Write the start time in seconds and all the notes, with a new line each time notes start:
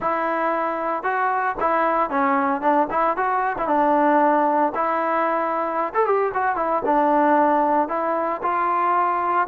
0.00 E4
1.03 F#4
1.60 E4
2.10 C#4
2.61 D4
2.90 E4
3.17 F#4
3.58 E4
3.67 D4
4.74 E4
5.94 A4
6.06 G4
6.33 F#4
6.56 E4
6.85 D4
7.88 E4
8.42 F4